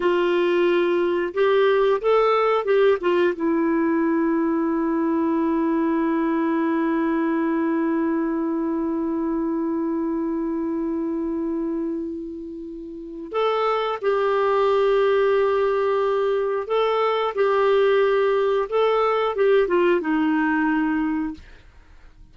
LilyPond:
\new Staff \with { instrumentName = "clarinet" } { \time 4/4 \tempo 4 = 90 f'2 g'4 a'4 | g'8 f'8 e'2.~ | e'1~ | e'1~ |
e'1 | a'4 g'2.~ | g'4 a'4 g'2 | a'4 g'8 f'8 dis'2 | }